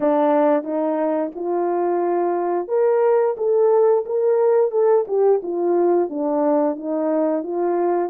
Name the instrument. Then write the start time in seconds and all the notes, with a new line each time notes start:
horn
0.00 D4
0.63 D#4
1.35 F4
2.68 A#4
3.37 A4
4.05 A#4
4.71 A4
5.07 G4
5.42 F4
6.09 D4
6.76 D#4
7.43 F4